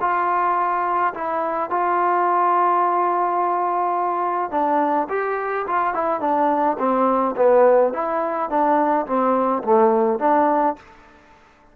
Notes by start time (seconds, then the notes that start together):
0.00 F4
1.13 E4
1.70 F4
4.51 D4
5.09 G4
5.67 F4
5.94 E4
6.20 D4
6.78 C4
7.36 B3
7.93 E4
8.49 D4
9.06 C4
9.63 A3
10.19 D4